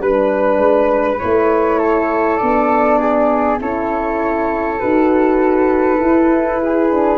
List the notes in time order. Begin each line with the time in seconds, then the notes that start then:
0.00 G3 D4 B4
0.57 G#3
1.19 A3 E4 C#5
1.79 A4
2.38 B3 D4 D5
2.99 G#4
3.59 C#4 E4 A4 C#5
4.79 D#4 F#4 B4
6.00 E4
6.62 G#4
6.91 D4